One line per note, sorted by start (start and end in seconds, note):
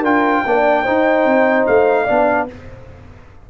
0.00 0.43 D4
0.00 0.45 F4
0.00 0.41 A#4
0.00 1.67 G5
0.46 0.86 A#3
0.46 0.86 D4
0.46 0.83 D5
0.83 2.07 D#4
0.83 1.25 D#4
0.83 2.04 C5
1.25 1.66 C4
1.67 2.09 A3
1.67 2.48 F5
2.04 2.50 B3
2.04 2.48 D4
2.04 2.45 D5